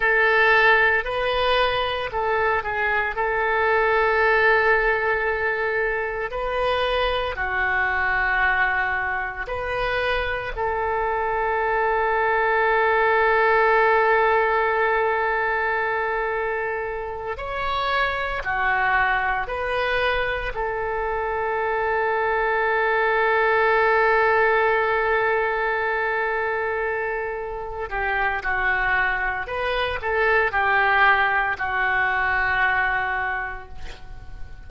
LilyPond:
\new Staff \with { instrumentName = "oboe" } { \time 4/4 \tempo 4 = 57 a'4 b'4 a'8 gis'8 a'4~ | a'2 b'4 fis'4~ | fis'4 b'4 a'2~ | a'1~ |
a'8 cis''4 fis'4 b'4 a'8~ | a'1~ | a'2~ a'8 g'8 fis'4 | b'8 a'8 g'4 fis'2 | }